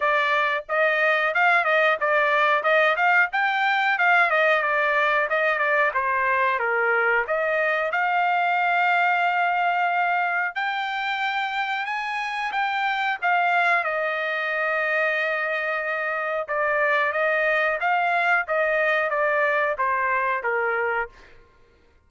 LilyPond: \new Staff \with { instrumentName = "trumpet" } { \time 4/4 \tempo 4 = 91 d''4 dis''4 f''8 dis''8 d''4 | dis''8 f''8 g''4 f''8 dis''8 d''4 | dis''8 d''8 c''4 ais'4 dis''4 | f''1 |
g''2 gis''4 g''4 | f''4 dis''2.~ | dis''4 d''4 dis''4 f''4 | dis''4 d''4 c''4 ais'4 | }